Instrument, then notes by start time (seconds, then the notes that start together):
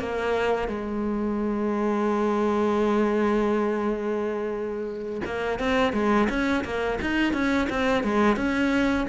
cello
0.00 A#3
0.68 G#3
5.26 A#3
5.60 C4
5.93 G#3
6.30 C#4
6.65 A#3
7.02 D#4
7.34 C#4
7.70 C4
8.04 G#3
8.37 C#4